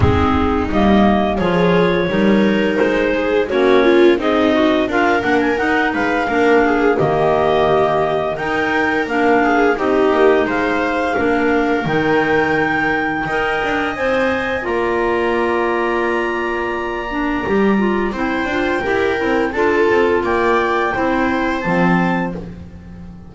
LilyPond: <<
  \new Staff \with { instrumentName = "clarinet" } { \time 4/4 \tempo 4 = 86 gis'4 dis''4 cis''2 | c''4 cis''4 dis''4 f''8 fis''16 gis''16 | fis''8 f''4. dis''2 | g''4 f''4 dis''4 f''4~ |
f''4 g''2. | gis''4 ais''2.~ | ais''2 g''2 | a''4 g''2 a''4 | }
  \new Staff \with { instrumentName = "viola" } { \time 4/4 dis'2 gis'4 ais'4~ | ais'8 gis'8 fis'8 f'8 dis'4 ais'4~ | ais'8 b'8 ais'8 gis'8 g'2 | ais'4. gis'8 g'4 c''4 |
ais'2. dis''4~ | dis''4 d''2.~ | d''2 c''4 ais'4 | a'4 d''4 c''2 | }
  \new Staff \with { instrumentName = "clarinet" } { \time 4/4 c'4 ais4 f'4 dis'4~ | dis'4 cis'4 gis'8 fis'8 f'8 d'8 | dis'4 d'4 ais2 | dis'4 d'4 dis'2 |
d'4 dis'2 ais'4 | c''4 f'2.~ | f'8 d'8 g'8 f'8 e'8 f'8 g'8 e'8 | f'2 e'4 c'4 | }
  \new Staff \with { instrumentName = "double bass" } { \time 4/4 gis4 g4 f4 g4 | gis4 ais4 c'4 d'8 ais8 | dis'8 gis8 ais4 dis2 | dis'4 ais4 c'8 ais8 gis4 |
ais4 dis2 dis'8 d'8 | c'4 ais2.~ | ais4 g4 c'8 d'8 e'8 c'8 | d'8 c'8 ais4 c'4 f4 | }
>>